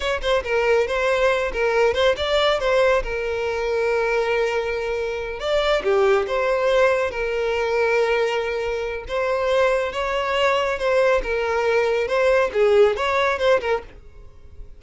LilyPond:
\new Staff \with { instrumentName = "violin" } { \time 4/4 \tempo 4 = 139 cis''8 c''8 ais'4 c''4. ais'8~ | ais'8 c''8 d''4 c''4 ais'4~ | ais'1~ | ais'8 d''4 g'4 c''4.~ |
c''8 ais'2.~ ais'8~ | ais'4 c''2 cis''4~ | cis''4 c''4 ais'2 | c''4 gis'4 cis''4 c''8 ais'8 | }